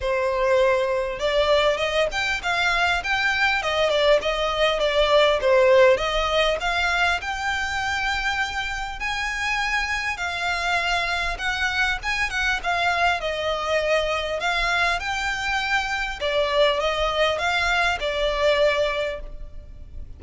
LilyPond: \new Staff \with { instrumentName = "violin" } { \time 4/4 \tempo 4 = 100 c''2 d''4 dis''8 g''8 | f''4 g''4 dis''8 d''8 dis''4 | d''4 c''4 dis''4 f''4 | g''2. gis''4~ |
gis''4 f''2 fis''4 | gis''8 fis''8 f''4 dis''2 | f''4 g''2 d''4 | dis''4 f''4 d''2 | }